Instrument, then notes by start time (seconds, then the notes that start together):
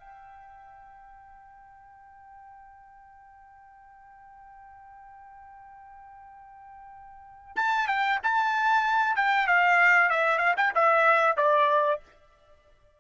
trumpet
0.00 G5
7.56 A5
7.88 G5
8.24 A5
9.16 G5
9.47 F5
10.10 E5
10.39 F5
10.57 G5
10.75 E5
11.37 D5